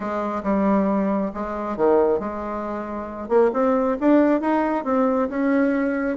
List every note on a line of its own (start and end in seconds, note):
0.00 0.42 G#3
0.43 1.31 G3
1.34 1.76 G#3
1.76 2.19 D#3
2.19 3.28 G#3
3.28 3.51 A#3
3.53 3.97 C4
4.00 4.40 D4
4.40 4.84 D#4
4.84 5.28 C4
5.29 6.17 C#4